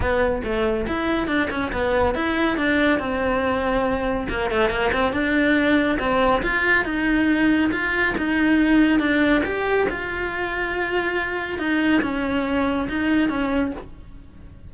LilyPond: \new Staff \with { instrumentName = "cello" } { \time 4/4 \tempo 4 = 140 b4 a4 e'4 d'8 cis'8 | b4 e'4 d'4 c'4~ | c'2 ais8 a8 ais8 c'8 | d'2 c'4 f'4 |
dis'2 f'4 dis'4~ | dis'4 d'4 g'4 f'4~ | f'2. dis'4 | cis'2 dis'4 cis'4 | }